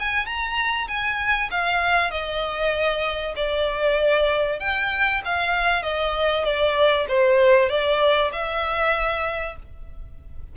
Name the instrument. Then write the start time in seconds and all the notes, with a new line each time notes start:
violin
0.00 G#5
0.26 A#5
0.88 G#5
1.51 F5
2.11 D#5
3.37 D5
4.60 G5
5.25 F5
5.83 D#5
6.45 D5
7.09 C5
7.70 D5
8.33 E5